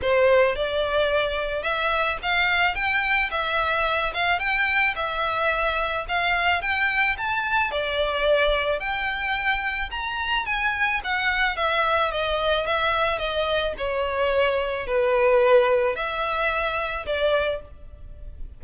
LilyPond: \new Staff \with { instrumentName = "violin" } { \time 4/4 \tempo 4 = 109 c''4 d''2 e''4 | f''4 g''4 e''4. f''8 | g''4 e''2 f''4 | g''4 a''4 d''2 |
g''2 ais''4 gis''4 | fis''4 e''4 dis''4 e''4 | dis''4 cis''2 b'4~ | b'4 e''2 d''4 | }